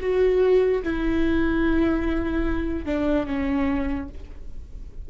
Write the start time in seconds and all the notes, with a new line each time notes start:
0.00 F#4
0.82 E4
2.85 D4
3.26 C#4